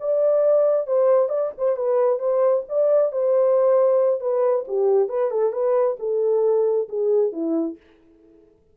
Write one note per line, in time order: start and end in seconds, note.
0.00 0.87 D5
0.87 1.29 C5
1.29 1.51 D5
1.58 1.76 C5
1.76 2.19 B4
2.19 2.64 C5
2.69 3.12 D5
3.12 4.20 C5
4.20 4.65 B4
4.68 5.09 G4
5.09 5.31 B4
5.31 5.52 A4
5.52 5.97 B4
5.99 6.88 A4
6.89 7.32 G#4
7.32 7.77 E4